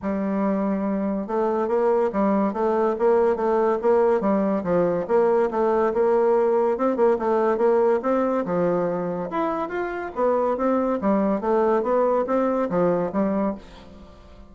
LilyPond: \new Staff \with { instrumentName = "bassoon" } { \time 4/4 \tempo 4 = 142 g2. a4 | ais4 g4 a4 ais4 | a4 ais4 g4 f4 | ais4 a4 ais2 |
c'8 ais8 a4 ais4 c'4 | f2 e'4 f'4 | b4 c'4 g4 a4 | b4 c'4 f4 g4 | }